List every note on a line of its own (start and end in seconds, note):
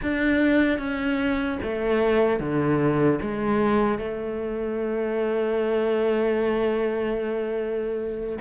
0.02 0.78 D4
0.78 1.58 C#4
1.63 2.39 A3
2.39 3.19 D3
3.21 3.98 G#3
3.98 8.38 A3